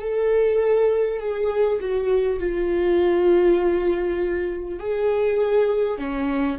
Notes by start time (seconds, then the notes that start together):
0.00 A4
1.19 G#4
1.80 F#4
2.39 F4
4.79 G#4
5.98 C#4